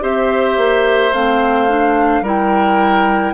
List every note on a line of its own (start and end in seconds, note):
0.00 0.56 C4
0.00 1.11 G4
0.00 2.22 C5
0.00 1.13 E5
0.56 1.12 A#3
1.12 2.21 A3
1.12 1.68 C4
1.12 2.24 F5
1.68 2.23 D4
2.21 3.32 G3
2.21 3.33 E4
2.21 3.33 A#4
2.27 3.33 G5